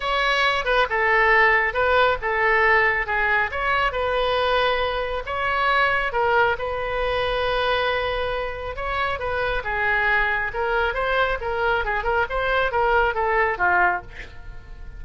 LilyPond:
\new Staff \with { instrumentName = "oboe" } { \time 4/4 \tempo 4 = 137 cis''4. b'8 a'2 | b'4 a'2 gis'4 | cis''4 b'2. | cis''2 ais'4 b'4~ |
b'1 | cis''4 b'4 gis'2 | ais'4 c''4 ais'4 gis'8 ais'8 | c''4 ais'4 a'4 f'4 | }